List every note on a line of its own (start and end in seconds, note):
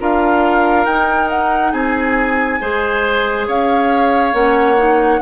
0.00 0.86 D4
0.00 0.87 F4
0.00 1.72 A#4
0.00 0.85 F5
0.85 1.73 D#4
0.85 2.60 D#4
0.85 1.29 G5
1.30 1.72 F#5
1.72 2.60 C4
1.72 2.59 G#4
1.72 3.46 G#5
2.60 3.48 G#3
2.60 4.32 G#4
2.60 3.47 C5
3.47 4.33 C#4
3.47 5.21 C#5
3.47 4.35 F5
4.32 5.20 A#3
4.32 4.76 C#4
4.32 5.22 F#5
4.77 5.20 D#4